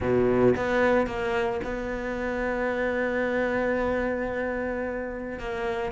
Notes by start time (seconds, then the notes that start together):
0.00 B2
0.56 B3
1.07 A#3
1.63 B3
5.39 A#3